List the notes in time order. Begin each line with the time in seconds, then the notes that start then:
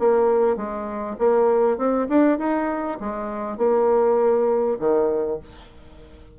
0.00 A#3
0.57 G#3
1.19 A#3
1.78 C4
2.09 D4
2.39 D#4
3.01 G#3
3.58 A#3
4.80 D#3